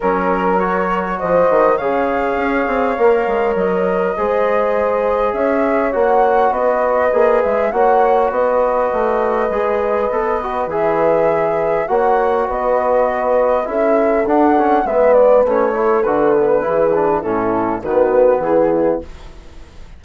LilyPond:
<<
  \new Staff \with { instrumentName = "flute" } { \time 4/4 \tempo 4 = 101 ais'4 cis''4 dis''4 f''4~ | f''2 dis''2~ | dis''4 e''4 fis''4 dis''4~ | dis''8 e''8 fis''4 dis''2~ |
dis''2 e''2 | fis''4 dis''2 e''4 | fis''4 e''8 d''8 cis''4 b'4~ | b'4 a'4 b'4 gis'4 | }
  \new Staff \with { instrumentName = "horn" } { \time 4/4 ais'2 c''4 cis''4~ | cis''2. c''4~ | c''4 cis''2 b'4~ | b'4 cis''4 b'2~ |
b'1 | cis''4 b'2 a'4~ | a'4 b'4. a'4. | gis'4 e'4 fis'4 e'4 | }
  \new Staff \with { instrumentName = "trombone" } { \time 4/4 cis'4 fis'2 gis'4~ | gis'4 ais'2 gis'4~ | gis'2 fis'2 | gis'4 fis'2. |
gis'4 a'8 fis'8 gis'2 | fis'2. e'4 | d'8 cis'8 b4 cis'8 e'8 fis'8 b8 | e'8 d'8 cis'4 b2 | }
  \new Staff \with { instrumentName = "bassoon" } { \time 4/4 fis2 f8 dis8 cis4 | cis'8 c'8 ais8 gis8 fis4 gis4~ | gis4 cis'4 ais4 b4 | ais8 gis8 ais4 b4 a4 |
gis4 b4 e2 | ais4 b2 cis'4 | d'4 gis4 a4 d4 | e4 a,4 dis4 e4 | }
>>